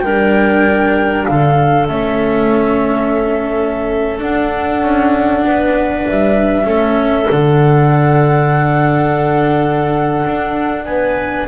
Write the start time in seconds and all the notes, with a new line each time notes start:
0.00 G3 D4 A#4 G5
1.25 D3 A4 F5
1.87 A3 C#4 E5
4.18 D4 F#5
4.82 C#4
5.44 B3 B4
6.07 G3 E5
6.64 A3 C#4 A4
7.30 D3 D4 F#5
10.26 D4
10.84 B3 B4 G#5